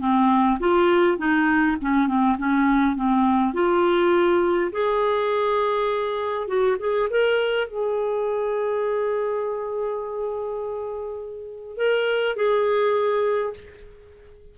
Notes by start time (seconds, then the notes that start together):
0.00 C4
0.60 F4
1.18 D#4
1.82 C#4
2.08 C4
2.38 C#4
2.96 C4
3.54 F4
4.72 G#4
6.48 F#4
6.80 G#4
7.10 A#4
7.68 G#4
11.78 A#4
12.36 G#4